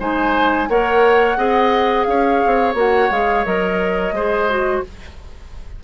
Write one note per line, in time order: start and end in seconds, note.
0.00 0.69 G#3
0.00 0.69 D#4
0.00 0.69 C5
0.00 0.70 G#5
0.69 1.37 A#3
0.69 1.37 A#4
0.69 1.38 C#5
0.69 2.04 F#5
1.37 2.06 C4
1.37 2.75 G#4
1.37 2.07 D#5
2.04 2.42 C#4
2.04 4.15 C#5
2.04 2.73 F5
2.46 2.74 C4
2.74 3.09 A#3
2.74 3.10 F#4
2.74 3.12 F#5
3.11 3.45 G#3
3.11 3.45 G#4
3.11 3.45 F5
3.45 4.12 F#3
3.45 4.14 A#4
3.45 4.83 D#5
4.12 4.81 G#3
4.12 4.49 G#4
4.12 4.84 C5
4.49 4.84 F#4